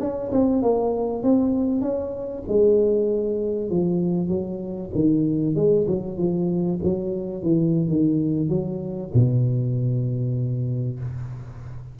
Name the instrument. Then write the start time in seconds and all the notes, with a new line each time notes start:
tuba
0.00 C#4
0.32 C4
0.62 A#3
1.23 C4
1.82 C#4
2.48 G#3
3.70 F3
4.28 F#3
4.95 D#3
5.56 G#3
5.88 F#3
6.18 F3
6.84 F#3
7.43 E3
7.88 D#3
8.49 F#3
9.14 B2